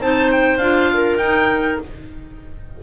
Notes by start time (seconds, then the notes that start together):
0.00 C4 D#4 C5 A5
0.32 G5
0.58 D4 F4 F5
0.93 A#4
1.18 D#4 G5